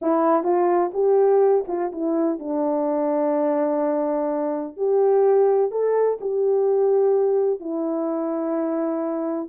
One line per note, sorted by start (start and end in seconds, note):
0.01 0.43 E4
0.43 0.91 F4
0.93 1.65 G4
1.67 1.91 F4
1.92 2.39 E4
2.39 4.76 D4
4.76 5.71 G4
5.71 6.18 A4
6.21 7.60 G4
7.60 9.49 E4